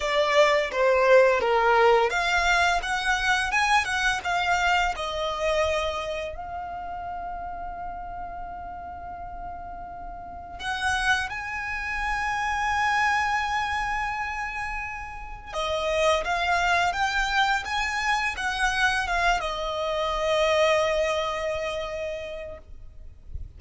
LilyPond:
\new Staff \with { instrumentName = "violin" } { \time 4/4 \tempo 4 = 85 d''4 c''4 ais'4 f''4 | fis''4 gis''8 fis''8 f''4 dis''4~ | dis''4 f''2.~ | f''2. fis''4 |
gis''1~ | gis''2 dis''4 f''4 | g''4 gis''4 fis''4 f''8 dis''8~ | dis''1 | }